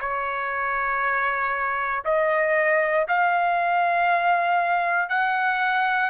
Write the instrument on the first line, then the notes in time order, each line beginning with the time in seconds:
trumpet
0.00 C#5
2.04 D#5
3.08 F5
5.09 F#5